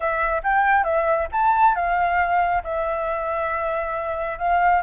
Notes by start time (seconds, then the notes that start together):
0.00 E5
0.43 G5
0.84 E5
1.32 A5
1.75 F5
2.63 E5
4.38 F5